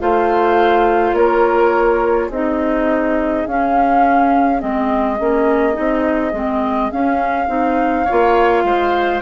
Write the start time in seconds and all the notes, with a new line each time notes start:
0.00 A3 F4 C5 F5
1.13 A#3 A#4 C#5
2.28 C4 D#4 G#4 D#5
3.47 C#4 F5
4.60 G#3 C4 D#5
5.20 A#3 C#4
5.74 C4 D#4
6.33 G#3 C4
6.92 C#4 F5
7.48 C4 D#4
8.05 F4 C#5
8.12 A#3
8.64 G#3 C5